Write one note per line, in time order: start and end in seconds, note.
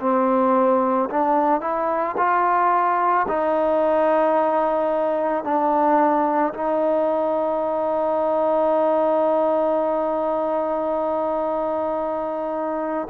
0.00 1.09 C4
1.10 1.61 D4
1.61 2.16 E4
2.18 3.27 F4
3.28 5.44 D#4
5.44 6.53 D4
6.54 13.08 D#4